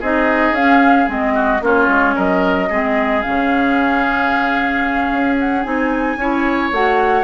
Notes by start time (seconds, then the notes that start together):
0.00 C4 D#4 G#4 D#5
0.52 C#4 F5
1.07 G#3 C4 D#5
1.34 F#4
1.61 A#3 C#4 F4 C#5
1.88 G#3
2.16 F#3 A#4 D#5
2.69 G#3 C4 G#4
3.22 C#3 C#4 F5
5.12 C#4
5.40 F#5
5.63 C4 D#4 G#5
6.17 C#4 E4 C#5
6.72 A3 F#4 F#5